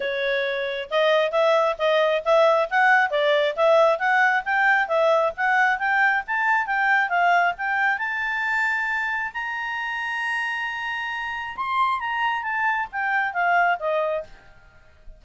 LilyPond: \new Staff \with { instrumentName = "clarinet" } { \time 4/4 \tempo 4 = 135 cis''2 dis''4 e''4 | dis''4 e''4 fis''4 d''4 | e''4 fis''4 g''4 e''4 | fis''4 g''4 a''4 g''4 |
f''4 g''4 a''2~ | a''4 ais''2.~ | ais''2 c'''4 ais''4 | a''4 g''4 f''4 dis''4 | }